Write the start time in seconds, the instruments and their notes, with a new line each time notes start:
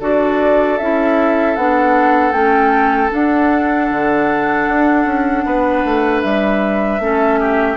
0.00 bassoon D4, clarinet F#4, oboe A4, flute D5
0.78 bassoon C#4, clarinet E4, flute E5
1.56 bassoon B3, clarinet D4, flute F#5
2.32 bassoon A3, clarinet C#4, flute G5
3.10 clarinet D4, bassoon D4, flute F#5
3.91 bassoon D3
4.68 bassoon D4
5.05 bassoon C#4
5.45 bassoon B3, oboe B4
5.85 bassoon A3
6.22 bassoon G3, flute E5
7.00 bassoon A3, clarinet C#4, oboe A4
7.40 oboe G4